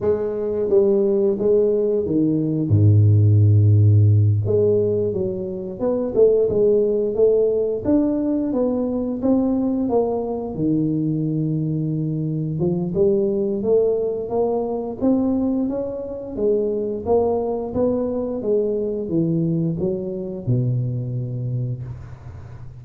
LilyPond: \new Staff \with { instrumentName = "tuba" } { \time 4/4 \tempo 4 = 88 gis4 g4 gis4 dis4 | gis,2~ gis,8 gis4 fis8~ | fis8 b8 a8 gis4 a4 d'8~ | d'8 b4 c'4 ais4 dis8~ |
dis2~ dis8 f8 g4 | a4 ais4 c'4 cis'4 | gis4 ais4 b4 gis4 | e4 fis4 b,2 | }